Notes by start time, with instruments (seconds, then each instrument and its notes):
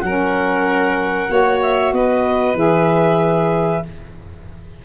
0.00 tuba F#3, saxophone C#4, violin A#4, clarinet F#5
1.28 tuba A#3, saxophone F#4, violin C#5
1.62 clarinet E5
1.92 tuba B3, violin B4, clarinet D#5
2.54 tuba E3, saxophone G#4, clarinet E5